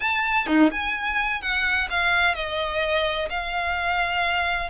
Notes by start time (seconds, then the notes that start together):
0.00 A5
0.47 D#4
0.71 G#5
1.41 F#5
1.90 F5
2.35 D#5
3.29 F5